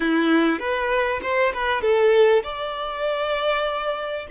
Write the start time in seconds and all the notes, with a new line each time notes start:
0.00 E4
0.59 B4
1.22 C5
1.53 B4
1.81 A4
2.43 D5